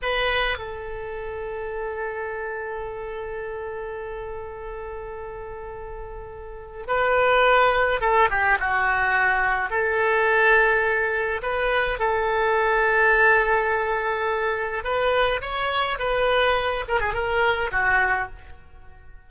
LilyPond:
\new Staff \with { instrumentName = "oboe" } { \time 4/4 \tempo 4 = 105 b'4 a'2.~ | a'1~ | a'1 | b'2 a'8 g'8 fis'4~ |
fis'4 a'2. | b'4 a'2.~ | a'2 b'4 cis''4 | b'4. ais'16 gis'16 ais'4 fis'4 | }